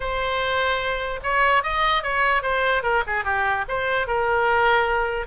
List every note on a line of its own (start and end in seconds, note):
0.00 1.19 C5
1.23 1.63 C#5
1.63 2.03 D#5
2.03 2.42 C#5
2.42 2.82 C5
2.82 3.03 A#4
3.07 3.24 G#4
3.24 3.64 G4
3.68 4.07 C5
4.07 5.26 A#4